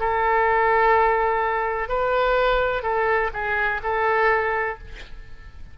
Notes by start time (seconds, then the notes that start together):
0.00 A4
1.89 B4
2.83 A4
3.34 G#4
3.84 A4